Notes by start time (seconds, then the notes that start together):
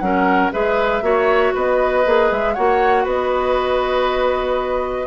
0.00 F#3 C#4 A#4 F#5
0.52 G#3 G#4 B4 E5
1.02 A#3 F#4 C#5
1.54 B3 B4 D#5
2.05 A#3 G#4
2.32 G#3 E5
2.54 A#3 F#4 C#5 F#5
3.04 B3 B4 D#5